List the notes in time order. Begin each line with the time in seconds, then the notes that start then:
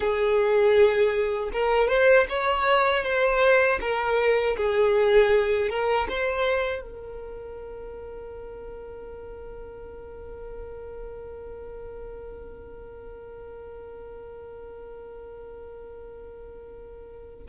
0.00 G#4
1.53 A#4
1.88 C5
2.29 C#5
3.03 C5
3.80 A#4
4.56 G#4
5.69 A#4
6.08 C5
6.81 A#4